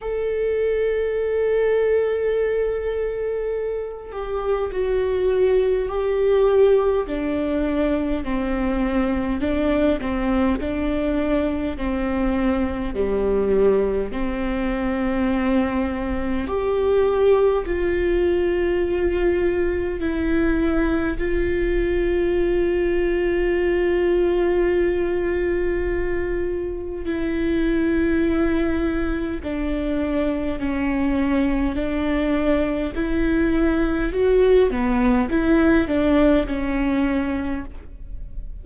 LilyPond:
\new Staff \with { instrumentName = "viola" } { \time 4/4 \tempo 4 = 51 a'2.~ a'8 g'8 | fis'4 g'4 d'4 c'4 | d'8 c'8 d'4 c'4 g4 | c'2 g'4 f'4~ |
f'4 e'4 f'2~ | f'2. e'4~ | e'4 d'4 cis'4 d'4 | e'4 fis'8 b8 e'8 d'8 cis'4 | }